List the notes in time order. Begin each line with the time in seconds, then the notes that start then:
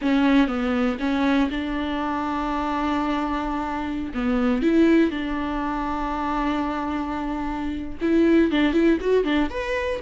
0.01 C#4
0.47 B3
0.99 C#4
1.50 D4
4.14 B3
4.62 E4
5.10 D4
8.01 E4
8.51 D4
8.73 E4
9.00 F#4
9.24 D4
9.50 B4